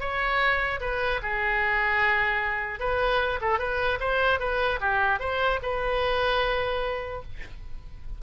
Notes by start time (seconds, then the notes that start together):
0.00 C#5
0.81 B4
1.22 G#4
2.79 B4
3.42 A4
3.59 B4
4.00 C5
4.40 B4
4.81 G4
5.20 C5
5.62 B4